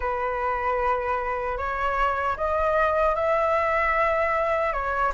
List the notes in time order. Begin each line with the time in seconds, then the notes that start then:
0.00 B4
1.57 C#5
2.36 D#5
3.15 E5
4.73 C#5